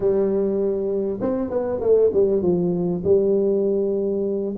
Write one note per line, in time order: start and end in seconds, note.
0.00 1.19 G3
1.20 1.50 C4
1.50 1.80 B3
1.80 2.10 A3
2.13 2.42 G3
2.42 3.02 F3
3.04 4.55 G3